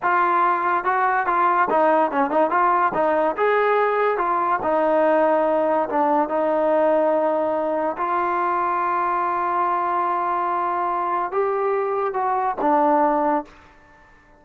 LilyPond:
\new Staff \with { instrumentName = "trombone" } { \time 4/4 \tempo 4 = 143 f'2 fis'4 f'4 | dis'4 cis'8 dis'8 f'4 dis'4 | gis'2 f'4 dis'4~ | dis'2 d'4 dis'4~ |
dis'2. f'4~ | f'1~ | f'2. g'4~ | g'4 fis'4 d'2 | }